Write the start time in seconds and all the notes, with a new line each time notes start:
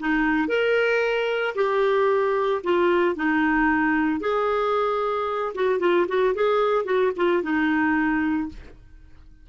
0.00 D#4
0.48 A#4
1.55 G4
2.64 F4
3.16 D#4
4.21 G#4
5.55 F#4
5.80 F4
6.08 F#4
6.35 G#4
6.85 F#4
7.17 F4
7.43 D#4